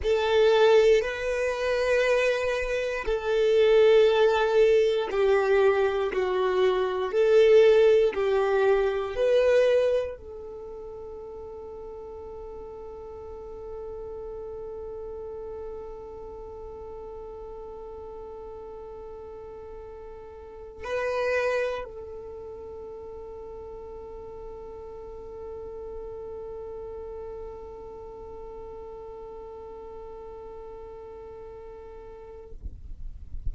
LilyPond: \new Staff \with { instrumentName = "violin" } { \time 4/4 \tempo 4 = 59 a'4 b'2 a'4~ | a'4 g'4 fis'4 a'4 | g'4 b'4 a'2~ | a'1~ |
a'1~ | a'8 b'4 a'2~ a'8~ | a'1~ | a'1 | }